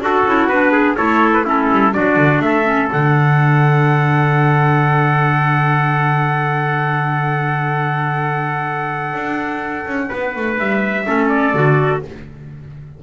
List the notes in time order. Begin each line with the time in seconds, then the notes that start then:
0.00 D4 F#4 A4
0.25 C#4 E4
0.47 B3 D4 B4
0.71 G#4
0.96 A3 E4 A4 C#5
1.33 B4
1.44 C#4 E4 A4
1.71 G3
1.92 F#3 D4 F#4 D5
2.16 D3
2.39 A3 A4 E5
2.64 C#4
2.88 D3 D4 F#5
9.13 D4
9.85 C#4
10.08 B3 B4
10.36 A3
10.58 G3 E5
11.06 A3 C#4 A4
11.28 D5
11.53 D3 F#4